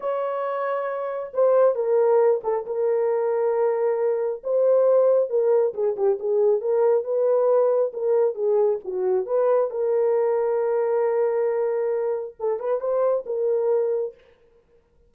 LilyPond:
\new Staff \with { instrumentName = "horn" } { \time 4/4 \tempo 4 = 136 cis''2. c''4 | ais'4. a'8 ais'2~ | ais'2 c''2 | ais'4 gis'8 g'8 gis'4 ais'4 |
b'2 ais'4 gis'4 | fis'4 b'4 ais'2~ | ais'1 | a'8 b'8 c''4 ais'2 | }